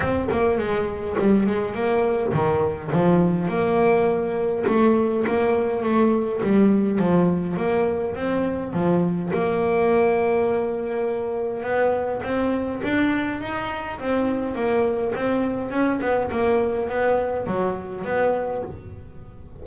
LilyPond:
\new Staff \with { instrumentName = "double bass" } { \time 4/4 \tempo 4 = 103 c'8 ais8 gis4 g8 gis8 ais4 | dis4 f4 ais2 | a4 ais4 a4 g4 | f4 ais4 c'4 f4 |
ais1 | b4 c'4 d'4 dis'4 | c'4 ais4 c'4 cis'8 b8 | ais4 b4 fis4 b4 | }